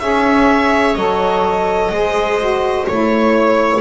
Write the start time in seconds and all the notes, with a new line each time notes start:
0.00 C#4 G#4 C#5 E5
0.95 F#3 A4 D#5
1.91 G#3 G#4 C5
2.39 F#4
2.87 A3 E4 C#5